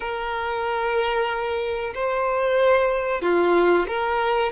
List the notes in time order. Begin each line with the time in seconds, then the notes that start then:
0.00 A#4
1.94 C5
3.21 F4
3.87 A#4